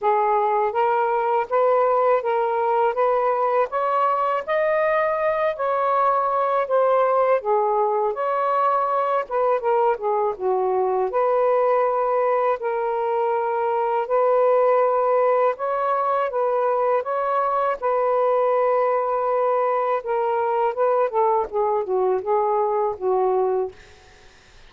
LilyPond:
\new Staff \with { instrumentName = "saxophone" } { \time 4/4 \tempo 4 = 81 gis'4 ais'4 b'4 ais'4 | b'4 cis''4 dis''4. cis''8~ | cis''4 c''4 gis'4 cis''4~ | cis''8 b'8 ais'8 gis'8 fis'4 b'4~ |
b'4 ais'2 b'4~ | b'4 cis''4 b'4 cis''4 | b'2. ais'4 | b'8 a'8 gis'8 fis'8 gis'4 fis'4 | }